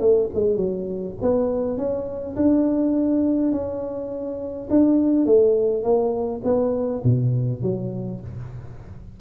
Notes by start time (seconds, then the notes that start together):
0.00 A3
0.34 G#3
0.57 F#3
1.22 B3
1.77 C#4
2.36 D4
3.52 C#4
4.70 D4
5.26 A3
5.83 A#3
6.44 B3
7.04 B2
7.62 F#3